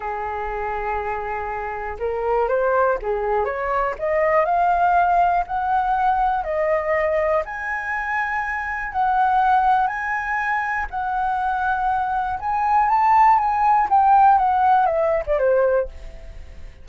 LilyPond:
\new Staff \with { instrumentName = "flute" } { \time 4/4 \tempo 4 = 121 gis'1 | ais'4 c''4 gis'4 cis''4 | dis''4 f''2 fis''4~ | fis''4 dis''2 gis''4~ |
gis''2 fis''2 | gis''2 fis''2~ | fis''4 gis''4 a''4 gis''4 | g''4 fis''4 e''8. d''16 c''4 | }